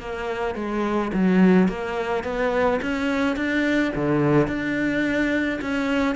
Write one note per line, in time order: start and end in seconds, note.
0.00 0.56 A#3
0.56 1.12 G#3
1.14 1.68 F#3
1.68 2.24 A#3
2.24 2.80 B3
2.82 3.37 C#4
3.37 3.93 D4
3.96 4.48 D3
4.48 5.60 D4
5.62 6.16 C#4